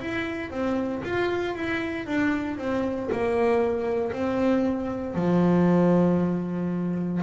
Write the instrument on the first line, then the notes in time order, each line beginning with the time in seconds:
double bass
0.00 E4
0.50 C4
1.03 F4
1.55 E4
2.06 D4
2.58 C4
3.12 A#3
4.12 C4
5.15 F3